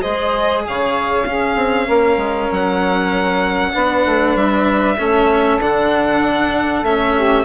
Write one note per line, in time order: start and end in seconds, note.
0.00 0.67 G#3
0.00 1.24 G#4
0.00 0.64 C5
0.00 0.63 D#5
0.67 1.25 C#3
0.67 1.28 C#5
0.67 2.52 F5
1.25 1.56 C#4
1.25 3.73 C#4
1.25 1.86 G#4
1.56 1.87 C4
1.86 2.17 A#3
1.86 3.72 A#4
2.17 2.48 G#3
2.51 3.74 F#3
2.51 4.36 F#5
3.73 4.05 B3
3.73 4.97 D4
3.73 4.97 B4
4.05 4.35 A3
4.35 4.97 G3
4.35 5.60 E5
4.98 5.58 A3
4.98 5.60 C#4
4.98 7.14 A4
5.58 6.82 D3
5.58 6.85 D4
5.58 6.84 F#5
6.82 7.44 A3
6.82 7.45 C#4
6.82 7.45 E5
7.15 7.45 G4